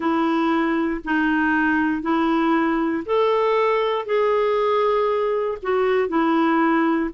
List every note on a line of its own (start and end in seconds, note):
0.00 1.00 E4
1.04 2.02 D#4
2.02 3.03 E4
3.05 4.05 A4
4.05 5.57 G#4
5.62 6.08 F#4
6.08 7.10 E4